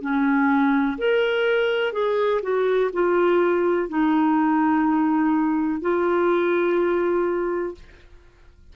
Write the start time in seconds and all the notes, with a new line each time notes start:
0.00 C#4
0.97 A#4
1.92 G#4
2.41 F#4
2.93 F4
3.89 D#4
5.81 F4